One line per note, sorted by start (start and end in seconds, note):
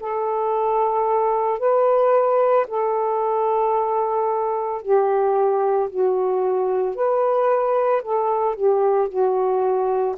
0.00 1.59 A4
1.59 2.66 B4
2.67 4.82 A4
4.82 5.89 G4
5.89 6.95 F#4
6.95 8.02 B4
8.02 8.55 A4
8.55 9.08 G4
9.08 10.15 F#4